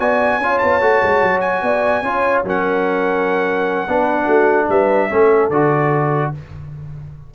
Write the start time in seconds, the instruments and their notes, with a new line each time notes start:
0.00 tuba B3, trombone F#4, horn D5, trumpet G#5
0.38 tuba C#4, trombone F4, horn C#5
0.59 tuba B3, trumpet A5
0.81 tuba A3, trombone F#4
1.03 tuba G#3
1.23 tuba F#3
1.41 trumpet G#5
1.62 tuba B3, horn D5
2.03 tuba C#4, trombone F4, horn C#5
2.44 tuba F#3, trombone C#4, horn A#4, trumpet F#5
3.88 tuba B3, trombone D4, horn B4
4.25 tuba A3, horn F#4
4.69 tuba G3, horn B4, trumpet E5
5.10 tuba A3, trombone C#4, horn A4
5.50 tuba D3, trombone F#4, trumpet D5